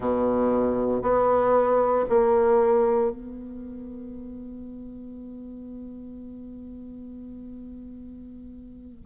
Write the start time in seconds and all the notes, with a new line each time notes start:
0.00 B2
1.02 B3
2.09 A#3
3.11 B3